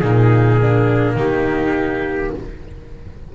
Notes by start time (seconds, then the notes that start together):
0.00 A#2 A#3 D#4 G#4
0.62 D4
1.15 D#3 D#4 G4